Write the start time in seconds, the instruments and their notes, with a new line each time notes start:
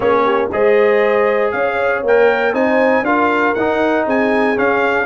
0.00 tuba A#3, trombone C#4, horn G#4, trumpet C#5
0.24 horn G4
0.51 tuba G#3, trombone G#4, horn C5, trumpet D#5
1.51 tuba C#4, horn C#5, trumpet F5
2.02 tuba A#3, trombone A#4, trumpet G5
2.53 tuba C4, trombone D#4, horn C5, trumpet G#5
3.02 tuba D4, trombone F4, horn A#4, trumpet F5
3.54 tuba D#4, trombone D#4, trumpet F#5
4.05 tuba C4, horn G#4, trumpet G#5
4.56 trombone C#4, tuba C#4, trumpet F5